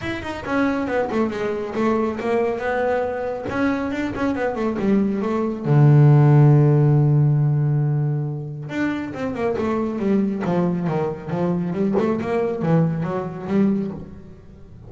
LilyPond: \new Staff \with { instrumentName = "double bass" } { \time 4/4 \tempo 4 = 138 e'8 dis'8 cis'4 b8 a8 gis4 | a4 ais4 b2 | cis'4 d'8 cis'8 b8 a8 g4 | a4 d2.~ |
d1 | d'4 c'8 ais8 a4 g4 | f4 dis4 f4 g8 a8 | ais4 e4 fis4 g4 | }